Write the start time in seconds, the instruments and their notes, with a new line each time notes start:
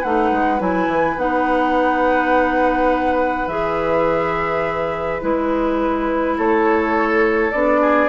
0.00 bassoon A3, clarinet D#4, oboe B4, flute F#5
0.32 bassoon G#3
0.59 bassoon F#3, clarinet E4, flute G#5
0.87 bassoon E3
1.17 bassoon B3, clarinet D#4, flute F#5
3.47 bassoon E3, clarinet G#4, flute E5
5.21 bassoon G#3, clarinet E4, flute B4
6.37 bassoon A3, oboe A4, flute C#5
7.51 bassoon B3, clarinet D4, flute D5
7.82 oboe G#4